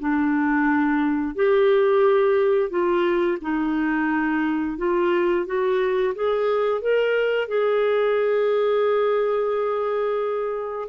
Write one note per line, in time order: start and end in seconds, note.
0.00 1.36 D4
1.36 2.70 G4
2.70 3.38 F4
3.42 4.78 D#4
4.78 5.46 F4
5.46 6.15 F#4
6.15 6.82 G#4
6.82 7.48 A#4
7.48 10.89 G#4